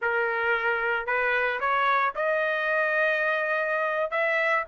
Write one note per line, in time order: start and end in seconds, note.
0.01 1.06 A#4
1.06 1.59 B4
1.59 2.13 C#5
2.15 4.11 D#5
4.11 4.64 E5